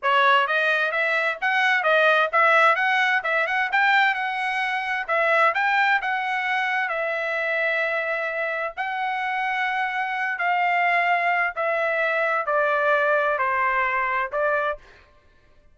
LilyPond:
\new Staff \with { instrumentName = "trumpet" } { \time 4/4 \tempo 4 = 130 cis''4 dis''4 e''4 fis''4 | dis''4 e''4 fis''4 e''8 fis''8 | g''4 fis''2 e''4 | g''4 fis''2 e''4~ |
e''2. fis''4~ | fis''2~ fis''8 f''4.~ | f''4 e''2 d''4~ | d''4 c''2 d''4 | }